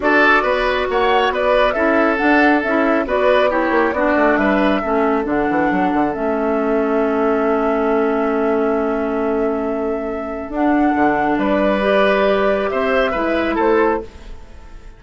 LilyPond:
<<
  \new Staff \with { instrumentName = "flute" } { \time 4/4 \tempo 4 = 137 d''2 fis''4 d''4 | e''4 fis''4 e''4 d''4 | cis''4 d''4 e''2 | fis''2 e''2~ |
e''1~ | e''1 | fis''2 d''2~ | d''4 e''2 c''4 | }
  \new Staff \with { instrumentName = "oboe" } { \time 4/4 a'4 b'4 cis''4 b'4 | a'2. b'4 | g'4 fis'4 b'4 a'4~ | a'1~ |
a'1~ | a'1~ | a'2 b'2~ | b'4 c''4 b'4 a'4 | }
  \new Staff \with { instrumentName = "clarinet" } { \time 4/4 fis'1 | e'4 d'4 e'4 fis'4 | e'4 d'2 cis'4 | d'2 cis'2~ |
cis'1~ | cis'1 | d'2. g'4~ | g'2 e'2 | }
  \new Staff \with { instrumentName = "bassoon" } { \time 4/4 d'4 b4 ais4 b4 | cis'4 d'4 cis'4 b4~ | b8 ais8 b8 a8 g4 a4 | d8 e8 fis8 d8 a2~ |
a1~ | a1 | d'4 d4 g2~ | g4 c'4 gis4 a4 | }
>>